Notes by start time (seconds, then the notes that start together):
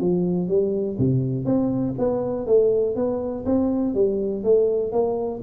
0.00 F3
0.48 G3
0.98 C3
1.45 C4
1.98 B3
2.46 A3
2.95 B3
3.45 C4
3.94 G3
4.44 A3
4.92 A#3